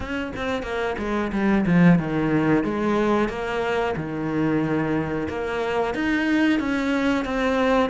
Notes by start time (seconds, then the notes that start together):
0.00 C#4
0.36 C4
0.62 A#3
0.98 G#3
1.32 G3
1.65 F3
1.98 D#3
2.64 G#3
3.28 A#3
3.96 D#3
5.29 A#3
5.94 D#4
6.59 C#4
7.24 C4